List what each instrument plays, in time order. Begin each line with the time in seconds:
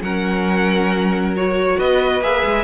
0.00 cello F#3, viola C#4, violin A#4 F#5
1.36 viola F#4, violin C#5
1.77 cello B3, violin B4 D#5
2.21 cello A#3, viola G#4, violin E5
2.45 cello G#3